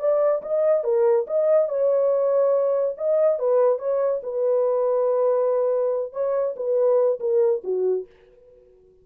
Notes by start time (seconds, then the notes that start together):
0.00 D5
0.43 D#5
0.84 A#4
1.28 D#5
1.69 C#5
2.98 D#5
3.40 B4
3.79 C#5
4.24 B4
6.13 C#5
6.57 B4
7.20 A#4
7.64 F#4